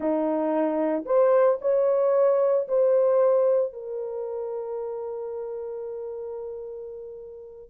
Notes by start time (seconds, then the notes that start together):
0.00 D#4
1.05 C5
1.61 C#5
2.67 C5
3.72 A#4